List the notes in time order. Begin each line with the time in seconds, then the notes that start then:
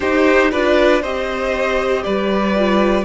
0.00 D#4 G4 C5
0.50 D4 F4 B4 D5
1.01 C4 G4 C5 D#5
2.03 G3 B4 D5
2.55 F4